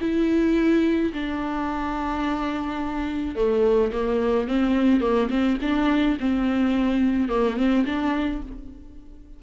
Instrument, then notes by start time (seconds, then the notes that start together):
viola
0.00 E4
1.13 D4
3.35 A3
3.92 A#3
4.48 C4
5.01 A#3
5.30 C4
5.62 D4
6.20 C4
7.28 A#3
7.57 C4
7.85 D4